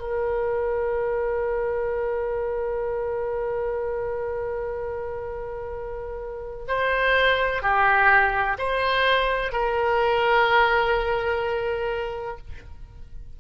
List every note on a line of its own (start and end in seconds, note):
0.00 6.67 A#4
6.68 7.62 C5
7.62 8.58 G4
8.58 9.52 C5
9.52 12.38 A#4